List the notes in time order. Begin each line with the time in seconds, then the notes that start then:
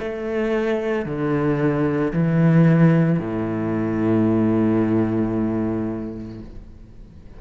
0.00 A3
1.06 D3
2.14 E3
3.19 A2